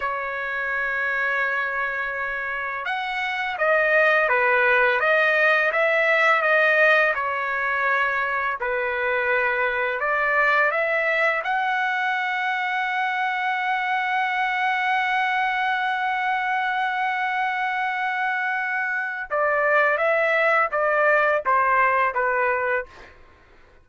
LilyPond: \new Staff \with { instrumentName = "trumpet" } { \time 4/4 \tempo 4 = 84 cis''1 | fis''4 dis''4 b'4 dis''4 | e''4 dis''4 cis''2 | b'2 d''4 e''4 |
fis''1~ | fis''1~ | fis''2. d''4 | e''4 d''4 c''4 b'4 | }